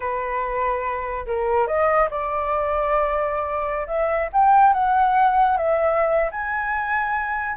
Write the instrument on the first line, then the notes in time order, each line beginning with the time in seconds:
flute
0.00 B4
1.26 A#4
1.67 D#5
2.10 D5
3.87 E5
4.32 G5
4.73 F#5
5.57 E5
6.31 G#5